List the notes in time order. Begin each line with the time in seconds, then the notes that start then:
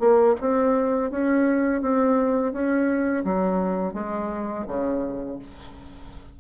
0.00 A#3
0.41 C4
1.11 C#4
1.82 C4
2.53 C#4
3.25 F#3
3.94 G#3
4.68 C#3